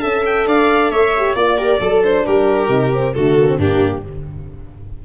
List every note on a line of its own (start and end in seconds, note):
0.00 0.47 C#4
0.00 1.11 A4
0.00 0.47 E5
0.00 0.23 A5
0.26 0.48 G5
0.47 0.90 D4
0.47 0.91 D5
0.47 0.91 F5
0.90 1.35 A3
0.90 1.35 C#5
0.90 1.36 E5
1.17 1.36 G4
1.35 1.80 A#3
1.35 1.58 F4
1.35 1.58 D5
1.35 2.03 D5
1.58 1.80 G4
1.58 1.80 A#4
1.80 2.25 F#3
1.80 2.25 A4
1.80 2.04 A4
2.04 2.69 D4
2.04 2.26 C5
2.26 2.68 G3
2.26 3.15 G4
2.26 3.14 A#4
2.68 3.13 C3
2.68 2.91 D#4
2.93 3.16 C4
3.14 3.58 D3
3.14 3.39 A3
3.14 3.58 F#4
3.14 3.58 A4
3.39 3.48 A#3
3.48 3.59 C4
3.58 4.02 G2
3.58 4.03 A#3
3.58 4.03 D4
3.58 4.05 G4